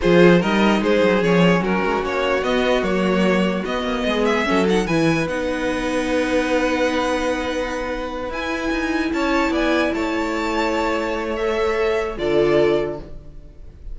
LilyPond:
<<
  \new Staff \with { instrumentName = "violin" } { \time 4/4 \tempo 4 = 148 c''4 dis''4 c''4 cis''4 | ais'4 cis''4 dis''4 cis''4~ | cis''4 dis''4. e''4 fis''8 | gis''4 fis''2.~ |
fis''1~ | fis''8 gis''2 a''4 gis''8~ | gis''8 a''2.~ a''8 | e''2 d''2 | }
  \new Staff \with { instrumentName = "violin" } { \time 4/4 gis'4 ais'4 gis'2 | fis'1~ | fis'2 gis'4 a'4 | b'1~ |
b'1~ | b'2~ b'8 cis''4 d''8~ | d''8 cis''2.~ cis''8~ | cis''2 a'2 | }
  \new Staff \with { instrumentName = "viola" } { \time 4/4 f'4 dis'2 cis'4~ | cis'2 b4 ais4~ | ais4 b2 cis'8 dis'8 | e'4 dis'2.~ |
dis'1~ | dis'8 e'2.~ e'8~ | e'1 | a'2 f'2 | }
  \new Staff \with { instrumentName = "cello" } { \time 4/4 f4 g4 gis8 fis8 f4 | fis8 gis8 ais4 b4 fis4~ | fis4 b8 ais8 gis4 fis4 | e4 b2.~ |
b1~ | b8 e'4 dis'4 cis'4 b8~ | b8 a2.~ a8~ | a2 d2 | }
>>